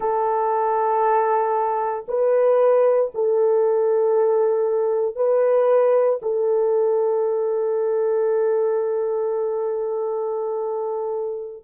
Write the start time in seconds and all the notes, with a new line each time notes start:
0.00 A4
2.07 B4
3.14 A4
5.15 B4
6.22 A4